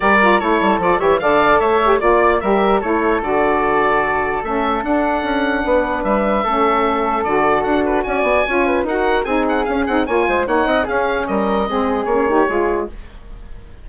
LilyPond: <<
  \new Staff \with { instrumentName = "oboe" } { \time 4/4 \tempo 4 = 149 d''4 cis''4 d''8 e''8 f''4 | e''4 d''4 e''4 cis''4 | d''2. e''4 | fis''2. e''4~ |
e''2 d''4 fis''8 b'8 | gis''2 fis''4 gis''8 fis''8 | f''8 fis''8 gis''4 fis''4 f''4 | dis''2 cis''2 | }
  \new Staff \with { instrumentName = "flute" } { \time 4/4 ais'4 a'4. cis''8 d''4 | cis''4 d''4 ais'4 a'4~ | a'1~ | a'2 b'2 |
a'1 | d''4 cis''8 b'8 ais'4 gis'4~ | gis'4 cis''8 c''8 cis''8 dis''8 gis'4 | ais'4 gis'4. g'8 gis'4 | }
  \new Staff \with { instrumentName = "saxophone" } { \time 4/4 g'8 f'8 e'4 f'8 g'8 a'4~ | a'8 g'8 f'4 g'4 e'4 | fis'2. cis'4 | d'1 |
cis'2 fis'2~ | fis'4 f'4 fis'4 dis'4 | cis'8 dis'8 f'4 dis'4 cis'4~ | cis'4 c'4 cis'8 dis'8 f'4 | }
  \new Staff \with { instrumentName = "bassoon" } { \time 4/4 g4 a8 g8 f8 e8 d4 | a4 ais4 g4 a4 | d2. a4 | d'4 cis'4 b4 g4 |
a2 d4 d'4 | cis'8 b8 cis'4 dis'4 c'4 | cis'8 c'8 ais8 gis8 ais8 c'8 cis'4 | g4 gis4 ais4 gis4 | }
>>